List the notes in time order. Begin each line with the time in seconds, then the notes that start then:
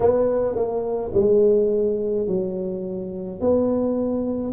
0.00 B3
0.55 A#3
1.13 G#3
2.27 F#3
3.40 B3